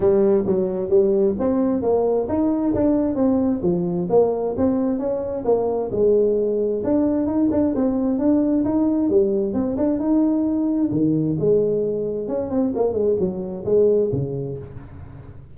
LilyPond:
\new Staff \with { instrumentName = "tuba" } { \time 4/4 \tempo 4 = 132 g4 fis4 g4 c'4 | ais4 dis'4 d'4 c'4 | f4 ais4 c'4 cis'4 | ais4 gis2 d'4 |
dis'8 d'8 c'4 d'4 dis'4 | g4 c'8 d'8 dis'2 | dis4 gis2 cis'8 c'8 | ais8 gis8 fis4 gis4 cis4 | }